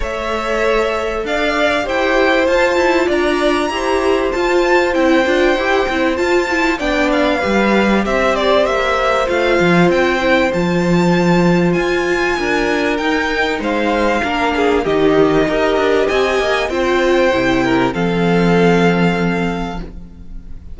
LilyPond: <<
  \new Staff \with { instrumentName = "violin" } { \time 4/4 \tempo 4 = 97 e''2 f''4 g''4 | a''4 ais''2 a''4 | g''2 a''4 g''8 f''8~ | f''4 e''8 d''8 e''4 f''4 |
g''4 a''2 gis''4~ | gis''4 g''4 f''2 | dis''2 gis''4 g''4~ | g''4 f''2. | }
  \new Staff \with { instrumentName = "violin" } { \time 4/4 cis''2 d''4 c''4~ | c''4 d''4 c''2~ | c''2. d''4 | b'4 c''2.~ |
c''1 | ais'2 c''4 ais'8 gis'8 | g'4 ais'4 dis''4 c''4~ | c''8 ais'8 a'2. | }
  \new Staff \with { instrumentName = "viola" } { \time 4/4 a'2. g'4 | f'2 g'4 f'4 | e'8 f'8 g'8 e'8 f'8 e'8 d'4 | g'2. f'4~ |
f'8 e'8 f'2.~ | f'4 dis'2 d'4 | dis'4 g'2 f'4 | e'4 c'2. | }
  \new Staff \with { instrumentName = "cello" } { \time 4/4 a2 d'4 e'4 | f'8 e'8 d'4 e'4 f'4 | c'8 d'8 e'8 c'8 f'4 b4 | g4 c'4 ais4 a8 f8 |
c'4 f2 f'4 | d'4 dis'4 gis4 ais4 | dis4 dis'8 d'8 c'8 ais8 c'4 | c4 f2. | }
>>